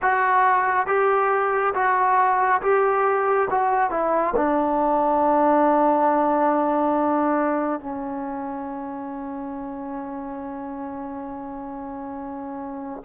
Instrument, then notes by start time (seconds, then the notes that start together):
trombone
0.02 F#4
0.86 G4
1.74 F#4
2.61 G4
3.50 F#4
3.90 E4
4.36 D4
7.80 C#4